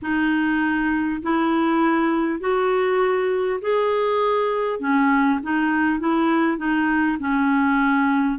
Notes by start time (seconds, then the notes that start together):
0.02 D#4
1.22 E4
2.40 F#4
3.61 G#4
4.79 C#4
5.43 D#4
5.99 E4
6.57 D#4
7.19 C#4